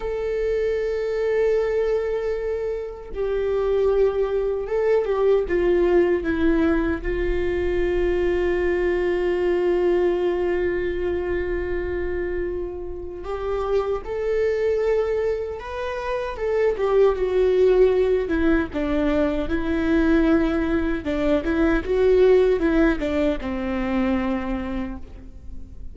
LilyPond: \new Staff \with { instrumentName = "viola" } { \time 4/4 \tempo 4 = 77 a'1 | g'2 a'8 g'8 f'4 | e'4 f'2.~ | f'1~ |
f'4 g'4 a'2 | b'4 a'8 g'8 fis'4. e'8 | d'4 e'2 d'8 e'8 | fis'4 e'8 d'8 c'2 | }